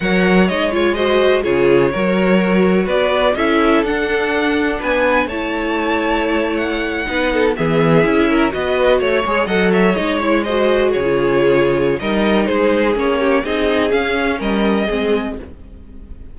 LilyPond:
<<
  \new Staff \with { instrumentName = "violin" } { \time 4/4 \tempo 4 = 125 fis''4 dis''8 cis''8 dis''4 cis''4~ | cis''2 d''4 e''4 | fis''2 gis''4 a''4~ | a''4.~ a''16 fis''2 e''16~ |
e''4.~ e''16 dis''4 cis''4 fis''16~ | fis''16 e''8 dis''8 cis''8 dis''4 cis''4~ cis''16~ | cis''4 dis''4 c''4 cis''4 | dis''4 f''4 dis''2 | }
  \new Staff \with { instrumentName = "violin" } { \time 4/4 cis''2 c''4 gis'4 | ais'2 b'4 a'4~ | a'2 b'4 cis''4~ | cis''2~ cis''8. b'8 a'8 gis'16~ |
gis'4~ gis'16 ais'8 b'4 cis''4 dis''16~ | dis''16 cis''4. c''4 gis'4~ gis'16~ | gis'4 ais'4 gis'4. g'8 | gis'2 ais'4 gis'4 | }
  \new Staff \with { instrumentName = "viola" } { \time 4/4 ais'4 dis'8 f'8 fis'4 f'4 | fis'2. e'4 | d'2. e'4~ | e'2~ e'8. dis'4 b16~ |
b8. e'4 fis'4. gis'8 a'16~ | a'8. dis'8 e'8 fis'4~ fis'16 f'4~ | f'4 dis'2 cis'4 | dis'4 cis'2 c'4 | }
  \new Staff \with { instrumentName = "cello" } { \time 4/4 fis4 gis2 cis4 | fis2 b4 cis'4 | d'2 b4 a4~ | a2~ a8. b4 e16~ |
e8. cis'4 b4 a8 gis8 fis16~ | fis8. gis2 cis4~ cis16~ | cis4 g4 gis4 ais4 | c'4 cis'4 g4 gis4 | }
>>